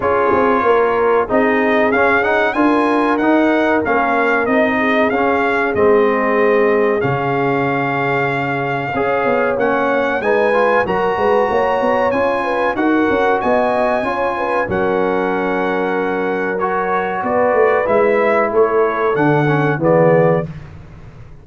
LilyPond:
<<
  \new Staff \with { instrumentName = "trumpet" } { \time 4/4 \tempo 4 = 94 cis''2 dis''4 f''8 fis''8 | gis''4 fis''4 f''4 dis''4 | f''4 dis''2 f''4~ | f''2. fis''4 |
gis''4 ais''2 gis''4 | fis''4 gis''2 fis''4~ | fis''2 cis''4 d''4 | e''4 cis''4 fis''4 d''4 | }
  \new Staff \with { instrumentName = "horn" } { \time 4/4 gis'4 ais'4 gis'2 | ais'2.~ ais'8 gis'8~ | gis'1~ | gis'2 cis''2 |
b'4 ais'8 b'8 cis''4. b'8 | ais'4 dis''4 cis''8 b'8 ais'4~ | ais'2. b'4~ | b'4 a'2 gis'4 | }
  \new Staff \with { instrumentName = "trombone" } { \time 4/4 f'2 dis'4 cis'8 dis'8 | f'4 dis'4 cis'4 dis'4 | cis'4 c'2 cis'4~ | cis'2 gis'4 cis'4 |
dis'8 f'8 fis'2 f'4 | fis'2 f'4 cis'4~ | cis'2 fis'2 | e'2 d'8 cis'8 b4 | }
  \new Staff \with { instrumentName = "tuba" } { \time 4/4 cis'8 c'8 ais4 c'4 cis'4 | d'4 dis'4 ais4 c'4 | cis'4 gis2 cis4~ | cis2 cis'8 b8 ais4 |
gis4 fis8 gis8 ais8 b8 cis'4 | dis'8 cis'8 b4 cis'4 fis4~ | fis2. b8 a8 | gis4 a4 d4 e4 | }
>>